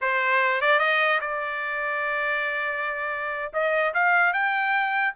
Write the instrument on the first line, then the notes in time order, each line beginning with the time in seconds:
trumpet
0.01 C5
0.61 D5
0.79 D#5
1.20 D5
3.53 D#5
3.94 F5
4.33 G5